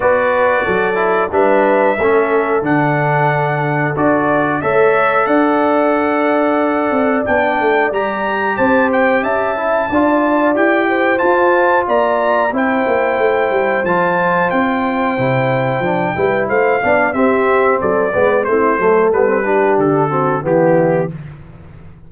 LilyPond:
<<
  \new Staff \with { instrumentName = "trumpet" } { \time 4/4 \tempo 4 = 91 d''2 e''2 | fis''2 d''4 e''4 | fis''2. g''4 | ais''4 a''8 g''8 a''2 |
g''4 a''4 ais''4 g''4~ | g''4 a''4 g''2~ | g''4 f''4 e''4 d''4 | c''4 b'4 a'4 g'4 | }
  \new Staff \with { instrumentName = "horn" } { \time 4/4 b'4 a'4 b'4 a'4~ | a'2. cis''4 | d''1~ | d''4 c''4 e''4 d''4~ |
d''8 c''4. d''4 c''4~ | c''1~ | c''8 b'8 c''8 d''8 g'4 a'8 b'8 | e'8 a'4 g'4 fis'8 e'4 | }
  \new Staff \with { instrumentName = "trombone" } { \time 4/4 fis'4. e'8 d'4 cis'4 | d'2 fis'4 a'4~ | a'2. d'4 | g'2~ g'8 e'8 f'4 |
g'4 f'2 e'4~ | e'4 f'2 e'4 | d'8 e'4 d'8 c'4. b8 | c'8 a8 b16 c'16 d'4 c'8 b4 | }
  \new Staff \with { instrumentName = "tuba" } { \time 4/4 b4 fis4 g4 a4 | d2 d'4 a4 | d'2~ d'8 c'8 b8 a8 | g4 c'4 cis'4 d'4 |
e'4 f'4 ais4 c'8 ais8 | a8 g8 f4 c'4 c4 | f8 g8 a8 b8 c'4 fis8 gis8 | a8 fis8 g4 d4 e4 | }
>>